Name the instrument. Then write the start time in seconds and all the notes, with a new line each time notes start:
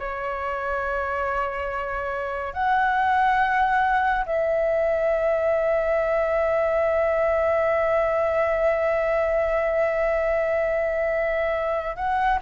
flute
0.00 C#5
2.54 F#5
4.26 E5
11.96 F#5